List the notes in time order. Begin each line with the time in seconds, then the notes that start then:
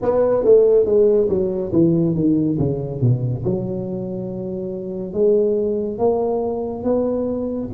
0.02 B3
0.44 A3
0.85 G#3
1.29 F#3
1.72 E3
2.15 D#3
2.59 C#3
3.01 B2
3.44 F#3
5.13 G#3
5.98 A#3
6.83 B3